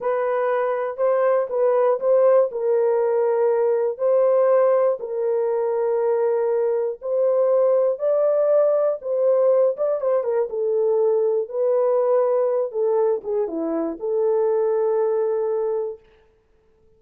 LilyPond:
\new Staff \with { instrumentName = "horn" } { \time 4/4 \tempo 4 = 120 b'2 c''4 b'4 | c''4 ais'2. | c''2 ais'2~ | ais'2 c''2 |
d''2 c''4. d''8 | c''8 ais'8 a'2 b'4~ | b'4. a'4 gis'8 e'4 | a'1 | }